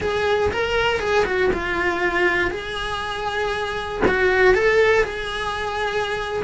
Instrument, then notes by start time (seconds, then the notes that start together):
cello
0.00 G#4
0.51 A#4
0.99 G#4
1.25 F#4
1.53 F4
2.50 G#4
4.07 F#4
4.54 A4
5.04 G#4